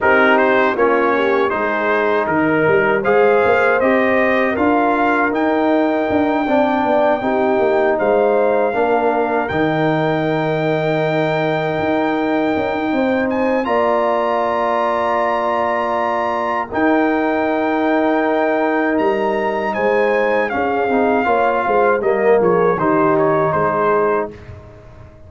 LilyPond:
<<
  \new Staff \with { instrumentName = "trumpet" } { \time 4/4 \tempo 4 = 79 ais'8 c''8 cis''4 c''4 ais'4 | f''4 dis''4 f''4 g''4~ | g''2~ g''8 f''4.~ | f''8 g''2.~ g''8~ |
g''4. gis''8 ais''2~ | ais''2 g''2~ | g''4 ais''4 gis''4 f''4~ | f''4 dis''8 cis''8 c''8 cis''8 c''4 | }
  \new Staff \with { instrumentName = "horn" } { \time 4/4 g'4 f'8 g'8 gis'4 ais'4 | c''2 ais'2~ | ais'8 d''4 g'4 c''4 ais'8~ | ais'1~ |
ais'4 c''4 d''2~ | d''2 ais'2~ | ais'2 c''4 gis'4 | cis''8 c''8 ais'8 gis'8 g'4 gis'4 | }
  \new Staff \with { instrumentName = "trombone" } { \time 4/4 dis'4 cis'4 dis'2 | gis'4 g'4 f'4 dis'4~ | dis'8 d'4 dis'2 d'8~ | d'8 dis'2.~ dis'8~ |
dis'2 f'2~ | f'2 dis'2~ | dis'2. cis'8 dis'8 | f'4 ais4 dis'2 | }
  \new Staff \with { instrumentName = "tuba" } { \time 4/4 c'4 ais4 gis4 dis8 g8 | gis8 ais8 c'4 d'4 dis'4 | d'8 c'8 b8 c'8 ais8 gis4 ais8~ | ais8 dis2. dis'8~ |
dis'8 cis'16 dis'16 c'4 ais2~ | ais2 dis'2~ | dis'4 g4 gis4 cis'8 c'8 | ais8 gis8 g8 f8 dis4 gis4 | }
>>